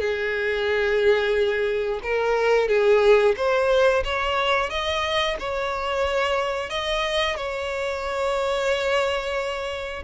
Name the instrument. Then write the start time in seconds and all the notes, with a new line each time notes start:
violin
0.00 G#4
2.02 A#4
2.68 G#4
3.36 C5
4.04 C#5
4.70 D#5
5.39 C#5
6.70 D#5
7.36 C#5